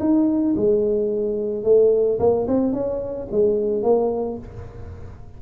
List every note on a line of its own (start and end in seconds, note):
0.00 0.55 D#4
0.56 1.64 G#3
1.64 2.19 A3
2.19 2.47 A#3
2.48 2.73 C4
2.73 3.28 C#4
3.32 3.83 G#3
3.83 4.38 A#3